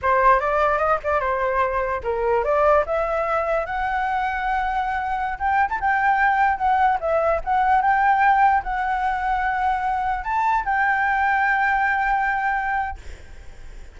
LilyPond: \new Staff \with { instrumentName = "flute" } { \time 4/4 \tempo 4 = 148 c''4 d''4 dis''8 d''8 c''4~ | c''4 ais'4 d''4 e''4~ | e''4 fis''2.~ | fis''4~ fis''16 g''8. a''16 g''4.~ g''16~ |
g''16 fis''4 e''4 fis''4 g''8.~ | g''4~ g''16 fis''2~ fis''8.~ | fis''4~ fis''16 a''4 g''4.~ g''16~ | g''1 | }